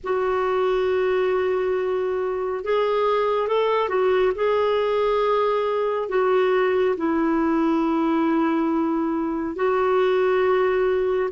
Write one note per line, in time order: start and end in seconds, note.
0.03 2.63 F#4
2.63 3.47 G#4
3.47 3.89 A4
3.89 4.32 F#4
4.35 6.08 G#4
6.08 6.95 F#4
6.96 9.55 E4
9.55 11.29 F#4